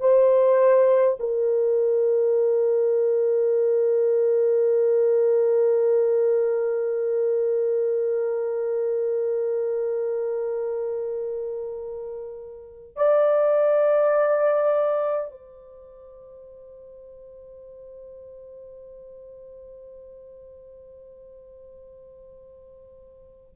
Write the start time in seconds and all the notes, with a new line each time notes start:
0.00 C5
1.19 A#4
12.96 D5
15.30 C5